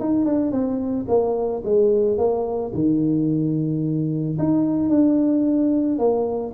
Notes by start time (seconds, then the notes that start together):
0.00 D#4
0.26 D4
0.51 C4
1.08 A#3
1.65 G#3
2.18 A#3
2.74 D#3
4.39 D#4
4.89 D4
5.99 A#3